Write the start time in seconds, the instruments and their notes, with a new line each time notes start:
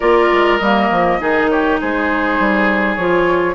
0.00 bassoon A#3, clarinet F4, oboe A#4, flute D5
0.32 bassoon G#3
0.57 bassoon G3, clarinet A#3, flute D#5
0.90 bassoon F3
1.20 bassoon D#3, clarinet D#4, oboe G#4
1.49 oboe G4, flute C#5
1.80 bassoon G#3, oboe G#4, flute C5
2.39 bassoon G3
2.95 bassoon F3, clarinet F4, flute C#5